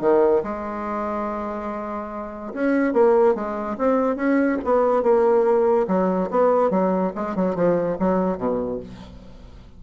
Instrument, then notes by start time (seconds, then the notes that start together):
bassoon
0.00 D#3
0.43 G#3
2.53 C#4
2.93 A#3
3.34 G#3
3.78 C4
4.16 C#4
4.64 B3
5.03 A#3
5.87 F#3
6.30 B3
6.70 F#3
7.15 G#3
7.35 F#3
7.55 F3
7.99 F#3
8.37 B2